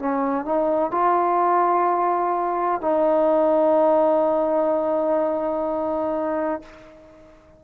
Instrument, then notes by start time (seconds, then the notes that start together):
trombone
0.00 C#4
0.46 D#4
0.92 F4
2.81 D#4